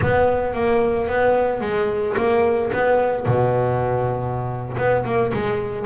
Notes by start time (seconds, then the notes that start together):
0.01 B3
0.54 A#3
1.08 B3
1.60 G#3
2.16 A#3
2.72 B3
3.26 B2
4.77 B3
5.04 A#3
5.33 G#3